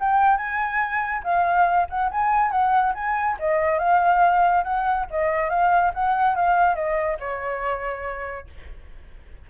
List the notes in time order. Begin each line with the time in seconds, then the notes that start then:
0.00 G5
0.37 G#5
1.23 F5
1.89 F#5
2.11 G#5
2.51 F#5
2.94 G#5
3.39 D#5
3.79 F5
4.64 F#5
5.10 D#5
5.50 F5
5.94 F#5
6.36 F5
6.75 D#5
7.19 C#5